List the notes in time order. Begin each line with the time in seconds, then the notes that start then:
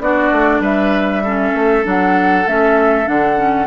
0.00 B3 D4 F#4 D5
0.32 A3
0.60 G3 B4 E5
1.24 C#4 A4
1.54 A3
1.84 F#3 D4 F#5
2.46 A3 C#4 E5
3.05 D3 D4 F#5
3.36 C#4